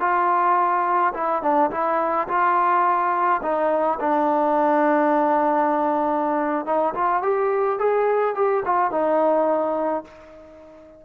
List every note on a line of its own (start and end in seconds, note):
0.00 1.13 F4
1.14 1.42 E4
1.42 1.70 D4
1.71 2.27 E4
2.28 3.41 F4
3.42 3.99 D#4
4.00 6.65 D4
6.65 6.94 D#4
6.94 7.22 F4
7.22 7.79 G4
7.79 8.35 G#4
8.35 8.63 G4
8.65 8.91 F4
8.91 10.04 D#4